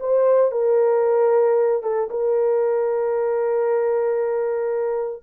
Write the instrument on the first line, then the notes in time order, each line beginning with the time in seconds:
horn
0.00 C5
0.52 A#4
1.83 A4
2.10 A#4